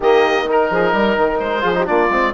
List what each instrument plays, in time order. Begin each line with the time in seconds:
0.00 bassoon D#3, trombone A#3, saxophone G4, oboe D#5
0.46 trombone D#4, saxophone A#4, oboe A#4
0.70 bassoon F3, saxophone G#4
0.92 bassoon G3, saxophone A#4
1.17 bassoon D#3
1.39 bassoon G#3, oboe C5
1.60 bassoon F3, trombone F4, saxophone G#4
1.74 trombone D#4, saxophone G4
1.85 bassoon A#3, trombone D4, saxophone F4, oboe D5
2.09 bassoon G#3, trombone C4